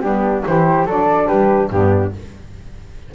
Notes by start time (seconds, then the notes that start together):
0.00 G3 B3 D4 G4
0.45 E3 E4 G4 C5
0.84 F#3 D4 A4 D5
1.27 G3 G4 B4
1.69 G2 B3 D4 G4